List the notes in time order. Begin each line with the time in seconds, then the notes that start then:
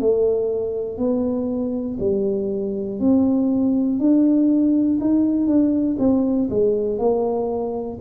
0.00 A3
0.98 B3
2.00 G3
3.00 C4
3.99 D4
5.00 D#4
5.47 D4
5.99 C4
6.50 G#3
6.99 A#3